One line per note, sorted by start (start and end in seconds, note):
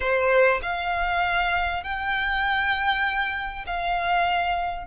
0.00 0.61 C5
0.62 1.83 F5
1.83 3.65 G5
3.66 4.87 F5